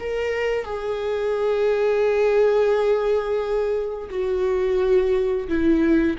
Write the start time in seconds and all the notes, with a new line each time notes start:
0.00 A#4
0.65 G#4
4.10 F#4
5.48 E4